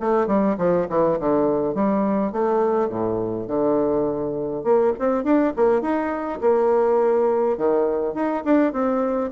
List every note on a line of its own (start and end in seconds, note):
0.00 0.27 A3
0.27 0.56 G3
0.58 0.87 F3
0.89 1.18 E3
1.19 1.74 D3
1.74 2.32 G3
2.32 2.89 A3
2.89 3.47 A2
3.47 4.64 D3
4.64 4.93 A#3
4.99 5.23 C4
5.23 5.53 D4
5.56 5.81 A#3
5.81 6.39 D#4
6.41 7.57 A#3
7.57 8.14 D#3
8.14 8.43 D#4
8.44 8.72 D4
8.72 9.30 C4